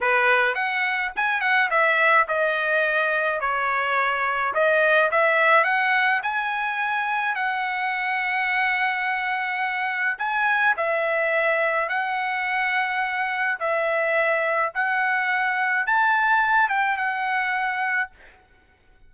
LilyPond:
\new Staff \with { instrumentName = "trumpet" } { \time 4/4 \tempo 4 = 106 b'4 fis''4 gis''8 fis''8 e''4 | dis''2 cis''2 | dis''4 e''4 fis''4 gis''4~ | gis''4 fis''2.~ |
fis''2 gis''4 e''4~ | e''4 fis''2. | e''2 fis''2 | a''4. g''8 fis''2 | }